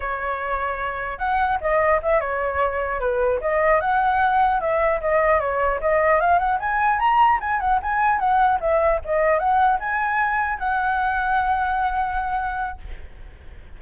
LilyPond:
\new Staff \with { instrumentName = "flute" } { \time 4/4 \tempo 4 = 150 cis''2. fis''4 | dis''4 e''8 cis''2 b'8~ | b'8 dis''4 fis''2 e''8~ | e''8 dis''4 cis''4 dis''4 f''8 |
fis''8 gis''4 ais''4 gis''8 fis''8 gis''8~ | gis''8 fis''4 e''4 dis''4 fis''8~ | fis''8 gis''2 fis''4.~ | fis''1 | }